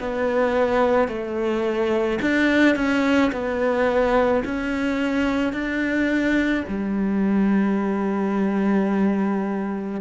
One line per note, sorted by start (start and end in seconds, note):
0.00 1.08 B3
1.08 2.19 A3
2.22 2.76 D4
2.76 3.31 C#4
3.32 4.43 B3
4.45 5.53 C#4
5.53 6.64 D4
6.68 10.01 G3